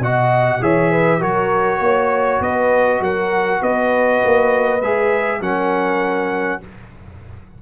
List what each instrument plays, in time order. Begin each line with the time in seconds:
0.00 tuba B2, trombone F#4, horn D#5, trumpet F#5
0.61 tuba E3, trombone G#4, horn C#5, trumpet E5
0.92 horn B4
1.20 tuba F#3, trombone F#4, horn A#4, trumpet C#5
1.80 tuba A#3, horn C#5
2.41 tuba B3, horn B4, trumpet D#5
3.00 tuba F#3, horn A#4, trumpet F#5
3.61 tuba B3, horn B4, trumpet D#5
4.25 tuba A#3
4.82 tuba G#3, trombone G#4, trumpet E5
5.41 tuba F#3, trombone C#4, horn A#4, trumpet F#5